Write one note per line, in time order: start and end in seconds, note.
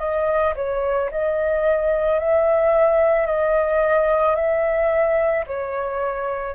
0.00 0.55 D#5
0.56 1.10 C#5
1.11 2.20 D#5
2.20 3.27 E5
3.27 4.36 D#5
4.36 5.45 E5
5.47 6.55 C#5